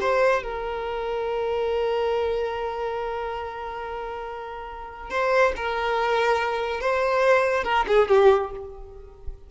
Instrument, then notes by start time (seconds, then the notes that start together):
violin
0.00 C5
0.43 A#4
5.10 C5
5.56 A#4
6.80 C5
7.63 A#4
7.87 G#4
8.08 G4